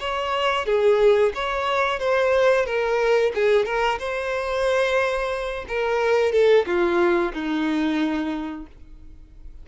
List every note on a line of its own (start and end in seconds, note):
0.00 0.66 C#5
0.66 1.33 G#4
1.35 2.00 C#5
2.00 2.66 C5
2.66 3.32 A#4
3.35 3.65 G#4
3.65 3.99 A#4
3.99 5.66 C5
5.68 6.32 A#4
6.32 6.65 A4
6.66 7.33 F4
7.34 8.67 D#4